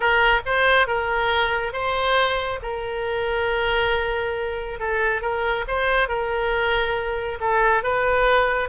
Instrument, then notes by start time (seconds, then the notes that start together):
oboe
0.00 A#4
0.45 C5
0.87 A#4
1.72 C5
2.62 A#4
4.79 A4
5.21 A#4
5.67 C5
6.08 A#4
7.40 A4
7.83 B4